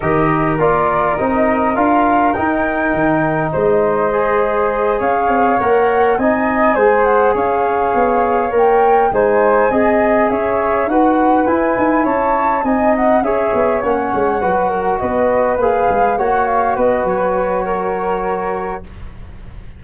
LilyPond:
<<
  \new Staff \with { instrumentName = "flute" } { \time 4/4 \tempo 4 = 102 dis''4 d''4 dis''4 f''4 | g''2 dis''2~ | dis''8 f''4 fis''4 gis''4. | fis''8 f''2 g''4 gis''8~ |
gis''4. e''4 fis''4 gis''8~ | gis''8 a''4 gis''8 fis''8 e''4 fis''8~ | fis''4. dis''4 f''4 fis''8 | f''8 dis''8 cis''2. | }
  \new Staff \with { instrumentName = "flute" } { \time 4/4 ais'1~ | ais'2 c''2~ | c''8 cis''2 dis''4 c''8~ | c''8 cis''2. c''8~ |
c''8 dis''4 cis''4 b'4.~ | b'8 cis''4 dis''4 cis''4.~ | cis''8 b'8 ais'8 b'2 cis''8~ | cis''8 b'4. ais'2 | }
  \new Staff \with { instrumentName = "trombone" } { \time 4/4 g'4 f'4 dis'4 f'4 | dis'2. gis'4~ | gis'4. ais'4 dis'4 gis'8~ | gis'2~ gis'8 ais'4 dis'8~ |
dis'8 gis'2 fis'4 e'8~ | e'4. dis'4 gis'4 cis'8~ | cis'8 fis'2 gis'4 fis'8~ | fis'1 | }
  \new Staff \with { instrumentName = "tuba" } { \time 4/4 dis4 ais4 c'4 d'4 | dis'4 dis4 gis2~ | gis8 cis'8 c'8 ais4 c'4 gis8~ | gis8 cis'4 b4 ais4 gis8~ |
gis8 c'4 cis'4 dis'4 e'8 | dis'8 cis'4 c'4 cis'8 b8 ais8 | gis8 fis4 b4 ais8 gis8 ais8~ | ais8 b8 fis2. | }
>>